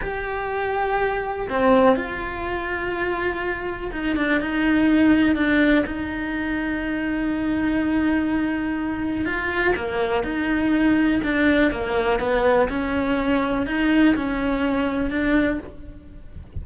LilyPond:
\new Staff \with { instrumentName = "cello" } { \time 4/4 \tempo 4 = 123 g'2. c'4 | f'1 | dis'8 d'8 dis'2 d'4 | dis'1~ |
dis'2. f'4 | ais4 dis'2 d'4 | ais4 b4 cis'2 | dis'4 cis'2 d'4 | }